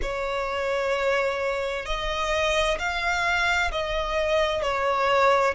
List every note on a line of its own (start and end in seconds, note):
0.02 1.85 C#5
1.85 2.77 D#5
2.79 3.71 F5
3.71 4.62 D#5
4.62 5.54 C#5